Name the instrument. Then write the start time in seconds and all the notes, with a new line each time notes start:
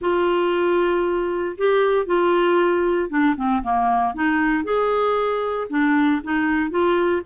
clarinet
0.01 F4
1.57 G4
2.06 F4
3.09 D4
3.36 C4
3.62 A#3
4.14 D#4
4.64 G#4
5.69 D4
6.23 D#4
6.70 F4